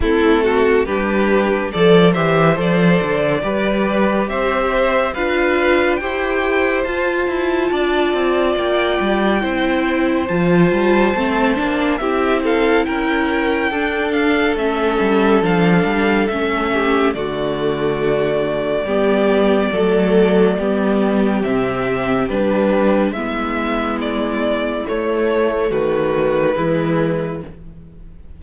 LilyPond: <<
  \new Staff \with { instrumentName = "violin" } { \time 4/4 \tempo 4 = 70 a'4 b'4 a'8 e''8 d''4~ | d''4 e''4 f''4 g''4 | a''2 g''2 | a''2 e''8 f''8 g''4~ |
g''8 f''8 e''4 f''4 e''4 | d''1~ | d''4 e''4 b'4 e''4 | d''4 cis''4 b'2 | }
  \new Staff \with { instrumentName = "violin" } { \time 4/4 e'8 fis'8 g'4 d''8 c''4. | b'4 c''4 b'4 c''4~ | c''4 d''2 c''4~ | c''2 g'8 a'8 ais'4 |
a'2.~ a'8 g'8 | fis'2 g'4 a'4 | g'2. e'4~ | e'2 fis'4 e'4 | }
  \new Staff \with { instrumentName = "viola" } { \time 4/4 c'4 d'4 a'8 g'8 a'4 | g'2 f'4 g'4 | f'2. e'4 | f'4 c'8 d'8 e'2 |
d'4 cis'4 d'4 cis'4 | a2 b4 a4 | b4 c'4 d'4 b4~ | b4 a2 gis4 | }
  \new Staff \with { instrumentName = "cello" } { \time 4/4 a4 g4 f8 e8 f8 d8 | g4 c'4 d'4 e'4 | f'8 e'8 d'8 c'8 ais8 g8 c'4 | f8 g8 a8 ais8 c'4 cis'4 |
d'4 a8 g8 f8 g8 a4 | d2 g4 fis4 | g4 c4 g4 gis4~ | gis4 a4 dis4 e4 | }
>>